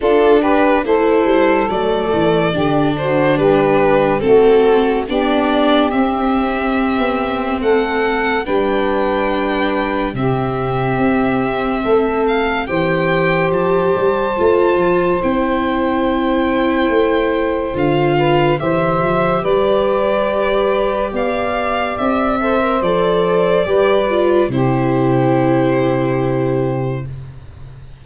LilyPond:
<<
  \new Staff \with { instrumentName = "violin" } { \time 4/4 \tempo 4 = 71 a'8 b'8 c''4 d''4. c''8 | b'4 a'4 d''4 e''4~ | e''4 fis''4 g''2 | e''2~ e''8 f''8 g''4 |
a''2 g''2~ | g''4 f''4 e''4 d''4~ | d''4 f''4 e''4 d''4~ | d''4 c''2. | }
  \new Staff \with { instrumentName = "saxophone" } { \time 4/4 f'8 g'8 a'2 g'8 fis'8 | g'4 fis'4 g'2~ | g'4 a'4 b'2 | g'2 a'4 c''4~ |
c''1~ | c''4. b'8 c''4 b'4~ | b'4 d''4. c''4. | b'4 g'2. | }
  \new Staff \with { instrumentName = "viola" } { \time 4/4 d'4 e'4 a4 d'4~ | d'4 c'4 d'4 c'4~ | c'2 d'2 | c'2. g'4~ |
g'4 f'4 e'2~ | e'4 f'4 g'2~ | g'2~ g'8 a'16 ais'16 a'4 | g'8 f'8 e'2. | }
  \new Staff \with { instrumentName = "tuba" } { \time 4/4 d'4 a8 g8 fis8 e8 d4 | g4 a4 b4 c'4~ | c'16 b8. a4 g2 | c4 c'4 a4 e4 |
f8 g8 a8 f8 c'2 | a4 d4 e8 f8 g4~ | g4 b4 c'4 f4 | g4 c2. | }
>>